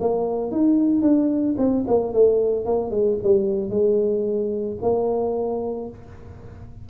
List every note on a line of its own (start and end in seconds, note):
0.00 0.51 A#3
0.51 1.02 D#4
1.02 1.55 D4
1.58 1.85 C4
1.87 2.13 A#3
2.13 2.65 A3
2.65 2.90 A#3
2.90 3.17 G#3
3.23 3.69 G3
3.69 4.77 G#3
4.82 5.89 A#3